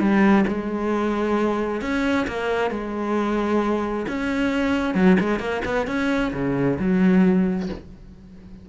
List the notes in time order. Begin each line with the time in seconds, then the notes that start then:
0.00 G3
0.48 G#3
1.82 C#4
2.28 A#3
2.71 G#3
4.08 C#4
4.95 F#3
5.20 G#3
5.40 A#3
5.65 B3
5.87 C#4
6.33 C#3
6.79 F#3